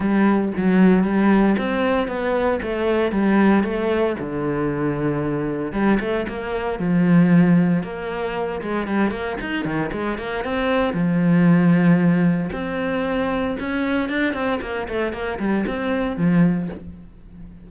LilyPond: \new Staff \with { instrumentName = "cello" } { \time 4/4 \tempo 4 = 115 g4 fis4 g4 c'4 | b4 a4 g4 a4 | d2. g8 a8 | ais4 f2 ais4~ |
ais8 gis8 g8 ais8 dis'8 dis8 gis8 ais8 | c'4 f2. | c'2 cis'4 d'8 c'8 | ais8 a8 ais8 g8 c'4 f4 | }